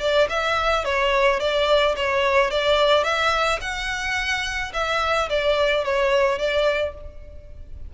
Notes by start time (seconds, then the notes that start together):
0.00 D5
0.29 E5
0.84 C#5
1.40 D5
1.96 C#5
2.51 D5
3.03 E5
3.61 F#5
4.73 E5
5.29 D5
5.84 C#5
6.38 D5